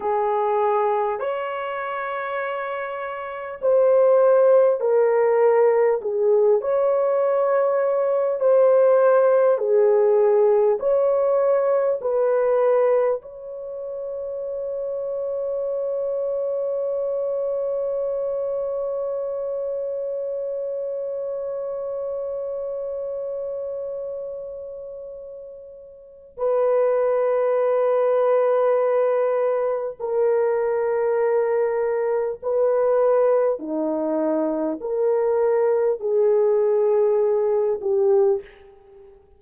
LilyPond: \new Staff \with { instrumentName = "horn" } { \time 4/4 \tempo 4 = 50 gis'4 cis''2 c''4 | ais'4 gis'8 cis''4. c''4 | gis'4 cis''4 b'4 cis''4~ | cis''1~ |
cis''1~ | cis''2 b'2~ | b'4 ais'2 b'4 | dis'4 ais'4 gis'4. g'8 | }